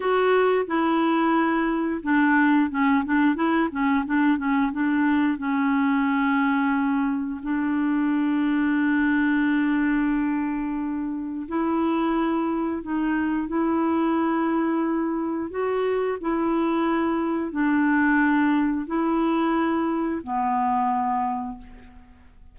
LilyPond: \new Staff \with { instrumentName = "clarinet" } { \time 4/4 \tempo 4 = 89 fis'4 e'2 d'4 | cis'8 d'8 e'8 cis'8 d'8 cis'8 d'4 | cis'2. d'4~ | d'1~ |
d'4 e'2 dis'4 | e'2. fis'4 | e'2 d'2 | e'2 b2 | }